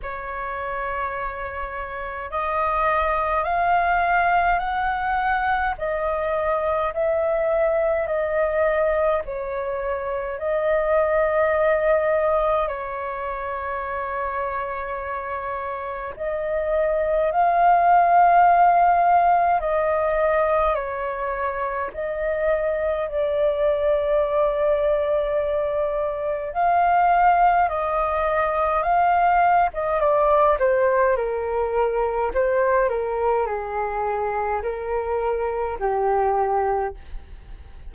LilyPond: \new Staff \with { instrumentName = "flute" } { \time 4/4 \tempo 4 = 52 cis''2 dis''4 f''4 | fis''4 dis''4 e''4 dis''4 | cis''4 dis''2 cis''4~ | cis''2 dis''4 f''4~ |
f''4 dis''4 cis''4 dis''4 | d''2. f''4 | dis''4 f''8. dis''16 d''8 c''8 ais'4 | c''8 ais'8 gis'4 ais'4 g'4 | }